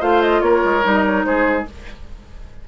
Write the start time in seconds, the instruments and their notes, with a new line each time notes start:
0.00 bassoon A3, clarinet F4, oboe C5, flute F5
0.22 flute D#5
0.41 bassoon A#3, oboe A#4, flute C#5
0.64 bassoon G#3
0.83 bassoon G3, clarinet D#4
0.94 flute D#5
1.05 flute C#5
1.25 bassoon G#3, oboe G#4, flute C5